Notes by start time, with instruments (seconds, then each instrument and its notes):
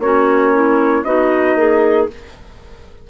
0.00 bassoon A#3, clarinet C#4 F#4, trumpet C#5
0.54 clarinet E4
1.05 bassoon B3, clarinet D#4 F#4, trumpet D#5
1.56 bassoon A#3, clarinet G#4